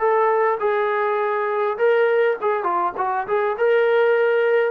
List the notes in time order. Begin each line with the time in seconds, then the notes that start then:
0.00 A4
0.60 G#4
1.78 A#4
2.42 G#4
2.64 F4
2.98 F#4
3.28 G#4
3.58 A#4